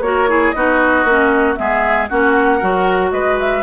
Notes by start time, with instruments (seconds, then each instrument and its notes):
0.00 bassoon A#3, clarinet F#4, oboe A#4, flute C#5
0.28 clarinet E4, oboe G#4
0.51 bassoon B3, clarinet D#4, oboe F#4, flute D#5
1.04 bassoon A#3, clarinet C#4
1.55 bassoon G#3, clarinet B3, oboe G#4, flute E5
2.08 bassoon A#3, clarinet C#4, oboe F#4, flute F#5
2.58 bassoon F#3, clarinet F#4, oboe A#4
3.11 bassoon G#3, oboe B4, flute D#5
3.39 flute E5